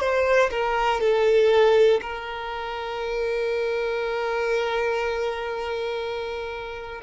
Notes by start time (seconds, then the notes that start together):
0.00 C5
0.51 A#4
1.00 A4
2.01 A#4